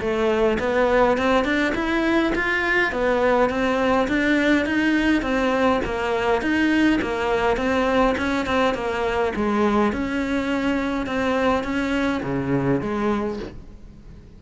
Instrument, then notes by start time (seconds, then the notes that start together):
cello
0.00 A3
0.59 B3
1.18 C4
1.44 D4
1.75 E4
2.35 F4
2.92 B3
3.50 C4
4.08 D4
4.66 D#4
5.22 C4
5.85 A#3
6.42 D#4
7.02 A#3
7.57 C4
8.18 C#4
8.46 C4
8.75 A#3
9.36 G#3
9.92 C#4
11.06 C4
11.64 C#4
12.23 C#3
12.81 G#3